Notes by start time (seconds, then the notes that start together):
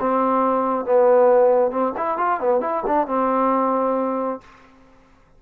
0.00 C4
0.85 B3
1.71 C4
1.97 E4
2.18 F4
2.40 B3
2.61 E4
2.86 D4
3.07 C4